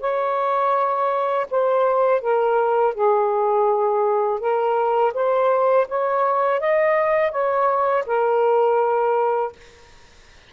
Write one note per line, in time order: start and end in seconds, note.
0.00 1.46 C#5
1.50 2.21 C5
2.21 2.94 A#4
2.94 4.40 G#4
4.40 5.13 A#4
5.14 5.87 C5
5.88 6.60 C#5
6.60 7.31 D#5
7.31 8.05 C#5
8.06 9.53 A#4